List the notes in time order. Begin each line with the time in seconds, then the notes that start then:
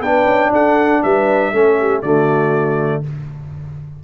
0.00 B3 D4 B4 G5
0.26 C#4
0.52 D4 A4 F#5
1.03 G3 B4 E5
1.53 A3 C#4 A4
1.79 G4
2.02 D3 A3 F#4 D5